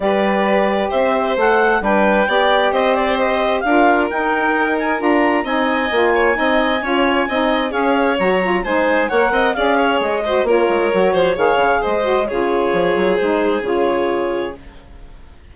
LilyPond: <<
  \new Staff \with { instrumentName = "clarinet" } { \time 4/4 \tempo 4 = 132 d''2 e''4 fis''4 | g''2 dis''8 d''8 dis''4 | f''4 g''4. gis''8 ais''4 | gis''1~ |
gis''4 f''4 ais''4 gis''4 | fis''4 f''4 dis''4 cis''4~ | cis''4 f''4 dis''4 cis''4~ | cis''4 c''4 cis''2 | }
  \new Staff \with { instrumentName = "violin" } { \time 4/4 b'2 c''2 | b'4 d''4 c''2 | ais'1 | dis''4. cis''8 dis''4 cis''4 |
dis''4 cis''2 c''4 | cis''8 dis''8 d''8 cis''4 c''8 ais'4~ | ais'8 c''8 cis''4 c''4 gis'4~ | gis'1 | }
  \new Staff \with { instrumentName = "saxophone" } { \time 4/4 g'2. a'4 | d'4 g'2. | f'4 dis'2 f'4 | dis'4 f'4 dis'4 f'4 |
dis'4 gis'4 fis'8 f'8 dis'4 | ais'4 gis'4. fis'8 f'4 | fis'4 gis'4. fis'8 f'4~ | f'4 dis'4 f'2 | }
  \new Staff \with { instrumentName = "bassoon" } { \time 4/4 g2 c'4 a4 | g4 b4 c'2 | d'4 dis'2 d'4 | c'4 ais4 c'4 cis'4 |
c'4 cis'4 fis4 gis4 | ais8 c'8 cis'4 gis4 ais8 gis8 | fis8 f8 dis8 cis8 gis4 cis4 | f8 fis8 gis4 cis2 | }
>>